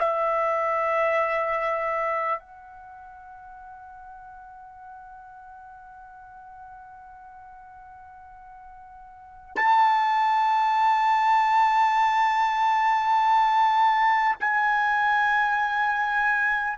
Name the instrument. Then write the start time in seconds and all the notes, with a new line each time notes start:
trumpet
0.00 E5
2.40 F#5
9.57 A5
14.41 G#5